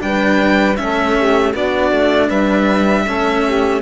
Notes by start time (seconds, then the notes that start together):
0.00 G3 D4 B4 G5
0.76 A3 C#4 A4 E5
1.18 G4
1.54 B3 D4 F#4 D5
1.92 A3
2.28 G3 B4 E5
3.06 A3 C#4 A4
3.46 G4